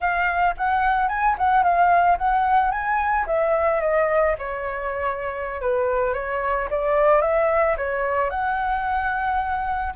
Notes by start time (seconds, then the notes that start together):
0.00 F5
0.57 F#5
1.08 G#5
1.38 F#5
1.63 F5
2.17 F#5
2.71 G#5
3.26 E5
3.81 D#5
4.38 C#5
5.61 B4
6.13 C#5
6.70 D5
7.21 E5
7.77 C#5
8.30 F#5